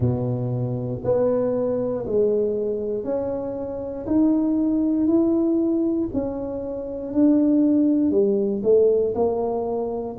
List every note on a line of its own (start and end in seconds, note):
0.00 1.01 B2
1.04 2.05 B3
2.06 3.04 G#3
3.04 4.05 C#4
4.06 5.07 D#4
5.07 6.08 E4
6.12 7.12 C#4
7.12 8.10 D4
8.10 8.61 G3
8.63 9.13 A3
9.14 10.16 A#3